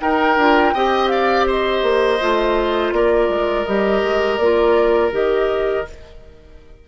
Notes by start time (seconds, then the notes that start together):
0.00 D#4 A#4 G5
0.36 D4 F4
0.74 C4 G4 D#5
1.08 D5 F5
1.47 C5 D#5
1.82 A#3
2.20 A3 F4
2.92 A#3 A#4 D5
3.29 G#3
3.65 G3 G4 D#5
4.03 G#3
4.38 A#3 F4 D5
5.11 D#3 G4 D#5